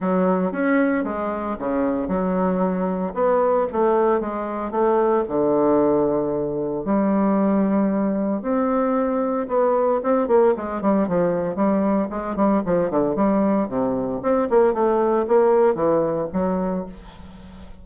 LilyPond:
\new Staff \with { instrumentName = "bassoon" } { \time 4/4 \tempo 4 = 114 fis4 cis'4 gis4 cis4 | fis2 b4 a4 | gis4 a4 d2~ | d4 g2. |
c'2 b4 c'8 ais8 | gis8 g8 f4 g4 gis8 g8 | f8 d8 g4 c4 c'8 ais8 | a4 ais4 e4 fis4 | }